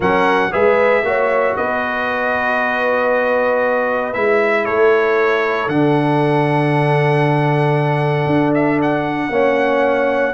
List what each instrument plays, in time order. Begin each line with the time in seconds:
0.00 tuba F#3, trombone C#4, horn A#4, trumpet F#5
0.51 tuba G#3, trombone G#4, horn B4, trumpet E5
1.03 tuba A#3, trombone F#4, horn C#5
1.56 tuba B3, horn B4, trumpet D#5
4.13 tuba G#3, trombone E4, trumpet E5
4.64 tuba A3, horn A4, trumpet C#5
5.67 tuba D3, trombone D4, trumpet F#5
8.26 tuba D4
8.54 trumpet E5
8.82 trumpet F#5
9.29 tuba A#3, trombone C#4, horn C#5